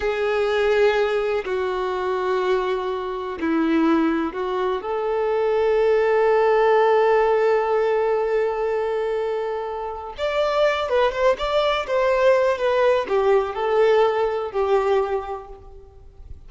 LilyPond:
\new Staff \with { instrumentName = "violin" } { \time 4/4 \tempo 4 = 124 gis'2. fis'4~ | fis'2. e'4~ | e'4 fis'4 a'2~ | a'1~ |
a'1~ | a'4 d''4. b'8 c''8 d''8~ | d''8 c''4. b'4 g'4 | a'2 g'2 | }